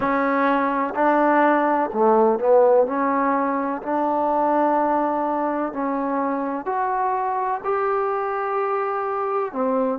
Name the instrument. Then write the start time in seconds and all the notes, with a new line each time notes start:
trombone
0.00 C#4
0.94 D4
1.93 A3
2.39 B3
2.86 C#4
3.82 D4
5.72 C#4
6.65 F#4
7.64 G4
9.52 C4